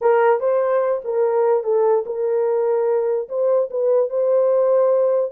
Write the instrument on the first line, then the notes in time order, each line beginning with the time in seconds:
horn
0.01 A#4
0.40 C5
1.04 A#4
1.63 A4
2.06 A#4
3.29 C5
3.70 B4
4.09 C5